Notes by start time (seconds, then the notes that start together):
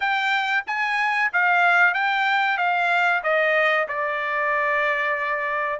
0.00 G5
0.67 G#5
1.33 F5
1.94 G5
2.57 F5
3.23 D#5
3.87 D5